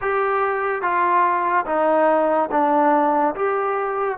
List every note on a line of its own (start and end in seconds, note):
0.01 0.81 G4
0.81 1.65 F4
1.66 2.49 D#4
2.51 3.34 D4
3.35 4.18 G4